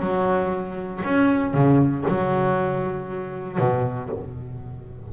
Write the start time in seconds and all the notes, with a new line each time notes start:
0.00 F#3
1.04 C#4
1.54 C#3
2.08 F#3
3.59 B2